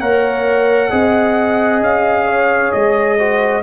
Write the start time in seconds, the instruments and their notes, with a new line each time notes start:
0.00 tuba A#3, trombone A#4, horn C#5, trumpet F#5
0.91 tuba C4, trombone G#4, horn D#5
1.81 tuba C#4, trumpet F5
2.27 horn C#5
2.72 tuba G#3, trumpet D#5
3.18 trombone F#4, horn C5